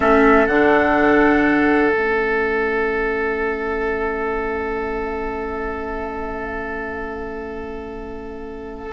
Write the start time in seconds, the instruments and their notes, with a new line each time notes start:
0.00 bassoon A3, clarinet C#4, oboe A4, flute E5
0.46 bassoon D3, clarinet D4, flute F#5
1.91 bassoon A3, clarinet C#4, flute E5